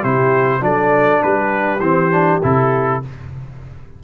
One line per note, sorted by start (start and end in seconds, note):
0.00 0.61 C3
0.00 0.60 E4
0.00 0.59 G4
0.00 0.62 C5
0.60 1.20 F#3
0.60 1.79 D4
0.60 1.22 A4
0.60 1.22 D5
1.22 1.79 G3
1.22 3.02 G4
1.22 1.80 B4
1.79 2.39 E3
1.79 2.11 C4
1.79 2.39 C5
2.11 2.41 D4
2.42 3.02 C3
2.42 3.02 E4
2.42 3.03 A4